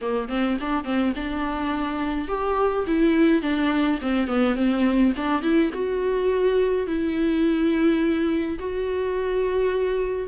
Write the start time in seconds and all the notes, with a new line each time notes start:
0.01 A#3
0.29 C4
0.60 D4
0.84 C4
1.15 D4
2.28 G4
2.86 E4
3.41 D4
4.01 C4
4.27 B3
4.55 C4
5.16 D4
5.42 E4
5.73 F#4
6.86 E4
8.58 F#4